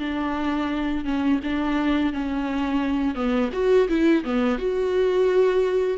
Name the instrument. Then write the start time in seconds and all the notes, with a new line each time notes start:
viola
0.00 D4
1.05 C#4
1.44 D4
2.14 C#4
3.15 B3
3.53 F#4
3.89 E4
4.25 B3
4.59 F#4